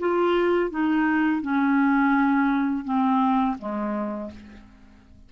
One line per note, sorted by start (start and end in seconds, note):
0.00 0.71 F4
0.71 1.42 D#4
1.42 2.85 C#4
2.85 3.57 C4
3.59 4.31 G#3